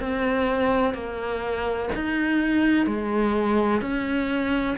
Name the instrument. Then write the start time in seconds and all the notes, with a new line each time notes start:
cello
0.00 C4
0.94 A#3
1.95 D#4
2.86 G#3
3.81 C#4